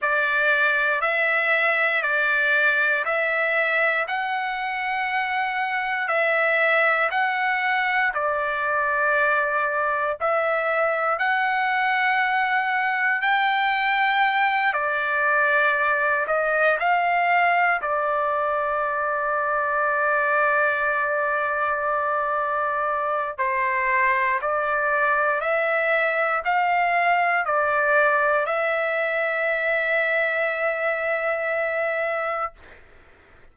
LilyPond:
\new Staff \with { instrumentName = "trumpet" } { \time 4/4 \tempo 4 = 59 d''4 e''4 d''4 e''4 | fis''2 e''4 fis''4 | d''2 e''4 fis''4~ | fis''4 g''4. d''4. |
dis''8 f''4 d''2~ d''8~ | d''2. c''4 | d''4 e''4 f''4 d''4 | e''1 | }